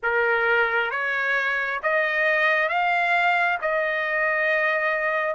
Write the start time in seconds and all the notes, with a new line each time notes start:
0.02 A#4
0.90 C#5
1.82 D#5
2.68 F5
3.61 D#5